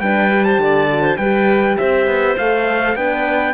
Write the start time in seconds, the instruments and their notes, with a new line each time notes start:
0.00 cello G3, horn D4, clarinet B4, trumpet G5
0.30 horn G4
0.44 clarinet C5, trumpet A5
0.58 cello D3, clarinet D5
0.89 horn F#4
1.02 clarinet C5
1.17 cello G3, horn G4, clarinet B4, trumpet G5
1.77 cello C4, clarinet C5, trumpet E5
2.06 cello B3
2.37 cello A3, horn A4, trumpet F5
2.95 cello B3, horn D4, clarinet B4, trumpet G5